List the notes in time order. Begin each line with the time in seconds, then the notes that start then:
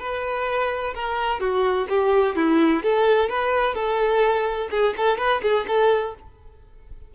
0.00 B4
0.95 A#4
1.40 F#4
1.89 G4
2.36 E4
2.83 A4
3.30 B4
3.75 A4
4.71 G#4
4.98 A4
5.18 B4
5.42 G#4
5.68 A4